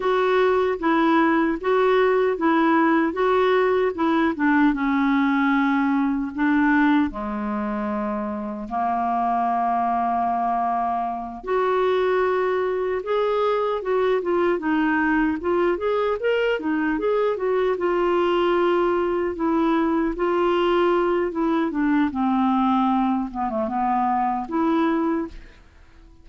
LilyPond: \new Staff \with { instrumentName = "clarinet" } { \time 4/4 \tempo 4 = 76 fis'4 e'4 fis'4 e'4 | fis'4 e'8 d'8 cis'2 | d'4 gis2 ais4~ | ais2~ ais8 fis'4.~ |
fis'8 gis'4 fis'8 f'8 dis'4 f'8 | gis'8 ais'8 dis'8 gis'8 fis'8 f'4.~ | f'8 e'4 f'4. e'8 d'8 | c'4. b16 a16 b4 e'4 | }